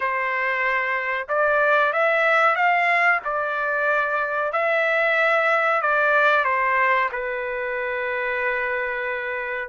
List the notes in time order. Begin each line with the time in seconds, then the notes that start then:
0.00 C5
1.28 D5
1.92 E5
2.55 F5
3.24 D5
4.52 E5
5.81 D5
6.44 C5
7.12 B4